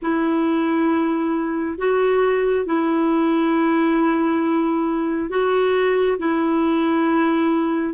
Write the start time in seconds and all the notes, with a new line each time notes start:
0.02 E4
1.78 F#4
2.65 E4
5.29 F#4
6.18 E4